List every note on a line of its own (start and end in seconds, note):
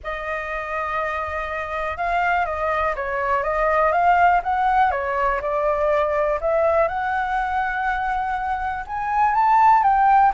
0.03 1.97 D#5
1.97 2.45 F5
2.45 2.95 D#5
2.95 3.43 C#5
3.43 3.91 D#5
3.91 4.41 F5
4.43 4.91 F#5
4.91 5.40 C#5
5.41 6.39 D5
6.40 6.88 E5
6.88 8.84 F#5
8.86 9.34 G#5
9.34 9.83 A5
9.83 10.32 G5